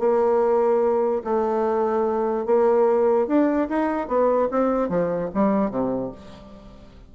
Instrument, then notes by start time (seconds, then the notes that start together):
bassoon
0.00 A#3
1.25 A3
2.46 A#3
3.28 D4
3.70 D#4
4.08 B3
4.51 C4
4.89 F3
5.34 G3
5.71 C3